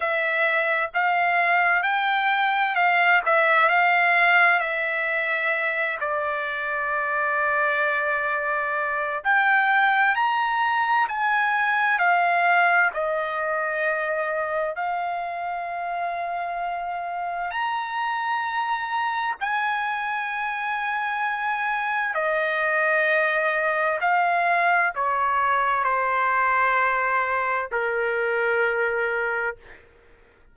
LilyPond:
\new Staff \with { instrumentName = "trumpet" } { \time 4/4 \tempo 4 = 65 e''4 f''4 g''4 f''8 e''8 | f''4 e''4. d''4.~ | d''2 g''4 ais''4 | gis''4 f''4 dis''2 |
f''2. ais''4~ | ais''4 gis''2. | dis''2 f''4 cis''4 | c''2 ais'2 | }